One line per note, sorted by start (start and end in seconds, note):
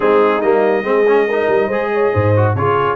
0.00 0.42 G#3
0.00 0.41 C4
0.00 0.85 D#4
0.00 0.41 G#4
0.41 0.83 G3
0.41 0.83 A#3
0.41 2.54 D#5
0.83 1.47 G#3
0.83 1.05 C4
0.83 1.27 G#4
1.07 1.28 C#4
1.27 1.71 D#4
1.27 1.67 A#4
1.48 1.68 G3
1.67 2.10 G#3
1.67 2.35 G#4
1.67 1.88 C5
1.93 2.13 C#5
2.13 2.55 G#2
2.13 2.55 C5
2.36 2.57 F#4
2.55 2.95 C#3
2.55 2.95 F4
2.55 2.95 G#4
2.55 2.95 C#5